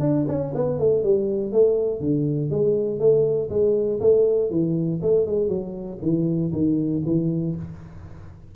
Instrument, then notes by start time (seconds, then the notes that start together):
tuba
0.00 D4
0.28 C#4
0.55 B3
0.79 A3
1.04 G3
1.52 A3
2.00 D3
2.50 G#3
3.00 A3
3.50 G#3
4.00 A3
4.50 E3
5.02 A3
5.27 G#3
5.49 F#3
6.02 E3
6.53 D#3
7.06 E3